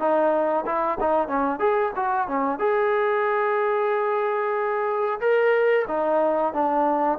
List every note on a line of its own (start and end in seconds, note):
0.00 0.65 D#4
0.66 0.99 E4
1.01 1.28 D#4
1.28 1.60 C#4
1.60 1.92 G#4
1.97 2.28 F#4
2.28 2.60 C#4
2.60 5.21 G#4
5.21 5.86 A#4
5.88 6.54 D#4
6.54 7.19 D4